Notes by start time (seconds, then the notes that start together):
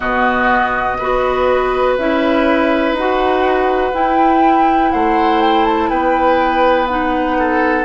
0.00 B2 B3 F#4 D#5
0.98 B3 F#4 B4
1.98 C#4 E4 E5
2.92 D#4 F#4 F#5
3.92 E4 G5
4.91 A3 C5 F#5
5.41 G5
5.65 A5
5.89 B3 B4 G5
6.87 D#4 F#5
7.38 A4